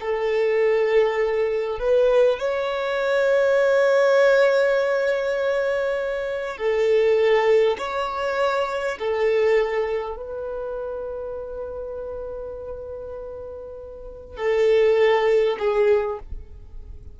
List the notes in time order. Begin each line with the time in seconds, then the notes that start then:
0.00 A4
1.79 B4
2.39 C#5
6.57 A4
7.78 C#5
8.99 A4
10.17 B4
14.37 A4
15.59 G#4